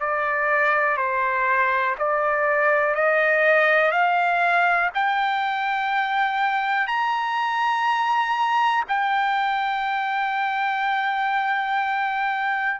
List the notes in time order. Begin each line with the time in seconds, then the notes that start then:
0.00 D5
0.97 C5
1.99 D5
2.95 D#5
3.91 F5
4.94 G5
6.87 A#5
8.88 G5